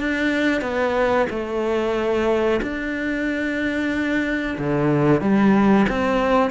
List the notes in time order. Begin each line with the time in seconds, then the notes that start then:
0.00 D4
0.62 B3
1.30 A3
2.62 D4
4.59 D3
5.21 G3
5.90 C4